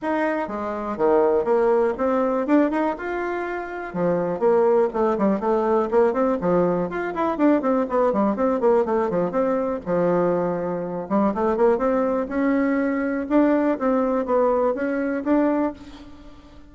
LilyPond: \new Staff \with { instrumentName = "bassoon" } { \time 4/4 \tempo 4 = 122 dis'4 gis4 dis4 ais4 | c'4 d'8 dis'8 f'2 | f4 ais4 a8 g8 a4 | ais8 c'8 f4 f'8 e'8 d'8 c'8 |
b8 g8 c'8 ais8 a8 f8 c'4 | f2~ f8 g8 a8 ais8 | c'4 cis'2 d'4 | c'4 b4 cis'4 d'4 | }